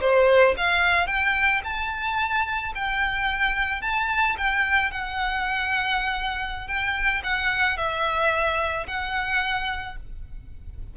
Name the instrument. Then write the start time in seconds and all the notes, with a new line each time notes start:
violin
0.00 C5
0.57 F5
1.06 G5
1.63 A5
2.74 G5
3.81 A5
4.37 G5
4.91 F#5
6.67 G5
7.23 F#5
7.77 E5
8.87 F#5